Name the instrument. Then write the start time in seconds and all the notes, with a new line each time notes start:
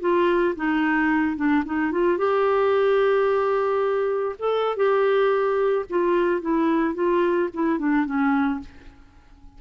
clarinet
0.00 F4
0.56 D#4
1.36 D4
1.65 D#4
1.92 F4
2.18 G4
4.39 A4
4.76 G4
5.90 F4
6.41 E4
6.94 F4
7.53 E4
7.79 D4
8.05 C#4